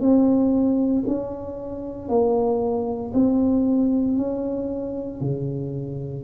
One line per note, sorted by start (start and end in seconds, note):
0.00 1.03 C4
1.07 2.08 C#4
2.08 3.12 A#3
3.14 4.17 C4
4.17 5.21 C#4
5.21 6.24 C#3